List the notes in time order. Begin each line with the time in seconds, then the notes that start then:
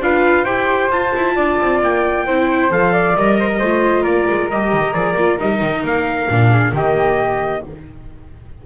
0.00 D4 F4 B4 F5
0.44 E4 G4 C5 G5
0.90 F4 A5
1.15 E4
1.35 D4 D5
1.61 C4
1.82 A#3 G5
2.26 C4 E4 C5
2.70 F3 A4 F5
2.92 D5
3.16 G3 A#4 D#5
3.39 C5
3.48 A#4
3.58 A3 F4 C5
4.02 A#3 A#4 D5
4.29 G#3
4.50 G3 G4 D#5
4.72 D#3
4.93 F3 G#4 D5
5.15 A#3 F4
5.38 G3 D#4 D#5
5.61 D#3
5.83 A#3 F5
6.29 A#2 D4
6.49 G#4
6.72 D#3 A#3 G4 D#5